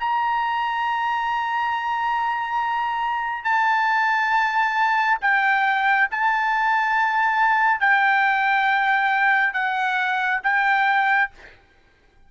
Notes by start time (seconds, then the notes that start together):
0.00 A#5
3.45 A5
5.22 G5
6.11 A5
7.81 G5
9.54 F#5
10.43 G5